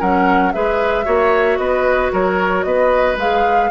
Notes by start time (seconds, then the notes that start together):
0.00 F#3 C#4 A#4 F#5
0.53 G#3 G#4 B4 E5
1.05 A#3 F#4 C#5
1.58 B3 B4 D#5
2.13 F#3 A#4 C#5
2.64 B3 B4 D#5
3.17 G#3 G#4 F5